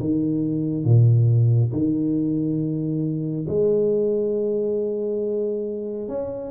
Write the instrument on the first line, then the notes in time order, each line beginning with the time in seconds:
tuba
0.00 D#3
0.85 A#2
1.72 D#3
3.48 G#3
6.09 C#4